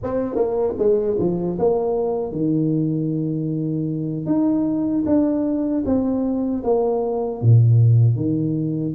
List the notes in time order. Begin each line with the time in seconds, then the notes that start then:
0.03 C4
0.35 A#3
0.78 G#3
1.19 F3
1.58 A#3
2.32 D#3
4.26 D#4
5.06 D4
5.85 C4
6.63 A#3
7.41 A#2
8.16 D#3